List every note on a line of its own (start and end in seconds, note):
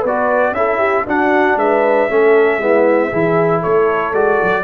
0.00 0.52 B3
0.00 0.51 B4
0.00 0.54 D5
0.07 0.55 F#4
0.52 1.03 C#4
0.52 1.06 E4
0.52 0.78 A4
0.52 1.05 E5
0.78 1.04 G4
1.07 2.09 D4
1.07 1.56 D4
1.07 1.59 F#4
1.07 1.58 F#5
1.56 2.07 G#3
1.56 2.11 B4
1.56 3.63 E5
2.09 2.58 A3
2.09 2.60 C#4
2.09 2.61 A4
2.58 3.09 G#3
2.58 3.12 B3
2.58 3.10 E4
3.10 3.64 E3
3.10 4.14 E4
3.10 3.60 G#4
3.60 4.13 A3
3.60 4.63 A4
3.60 4.14 C#5
4.13 4.38 G#3
4.13 4.63 F#4
4.13 4.63 D5
4.42 4.63 F#3